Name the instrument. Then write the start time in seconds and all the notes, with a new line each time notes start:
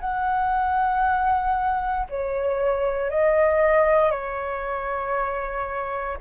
flute
0.00 F#5
2.09 C#5
3.10 D#5
4.11 C#5